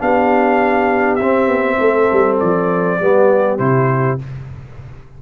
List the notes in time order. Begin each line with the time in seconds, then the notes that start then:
0.00 B3 D4 G4 F5
1.16 C4 E5
1.48 B3
1.78 A3 A4
2.12 G3
2.40 F3 D5
3.00 G3 B3 G4
3.59 C3 E4 C5